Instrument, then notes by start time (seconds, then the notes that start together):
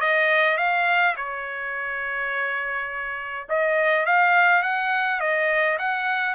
trumpet
0.00 D#5
0.57 F5
1.16 C#5
3.49 D#5
4.06 F5
4.62 F#5
5.20 D#5
5.78 F#5